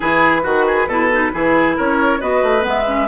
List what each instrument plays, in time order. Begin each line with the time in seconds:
0.00 bassoon E3, clarinet E4, oboe G#4, flute B4
0.42 bassoon D#3, clarinet F#4, oboe F#4
0.67 oboe G#4
0.87 bassoon B2, clarinet E4, oboe A4
1.12 clarinet D#4
1.32 bassoon E3, clarinet E4, oboe G#4
1.76 bassoon C#4, oboe A#4, flute C#5
2.19 bassoon B3, clarinet F#4, oboe B4, flute D#5
2.42 bassoon A3
2.61 bassoon G#3, clarinet B3
2.67 flute E5
2.86 clarinet C#4